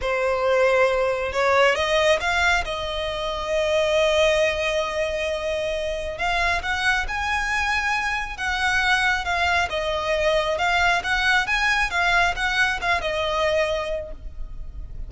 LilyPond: \new Staff \with { instrumentName = "violin" } { \time 4/4 \tempo 4 = 136 c''2. cis''4 | dis''4 f''4 dis''2~ | dis''1~ | dis''2 f''4 fis''4 |
gis''2. fis''4~ | fis''4 f''4 dis''2 | f''4 fis''4 gis''4 f''4 | fis''4 f''8 dis''2~ dis''8 | }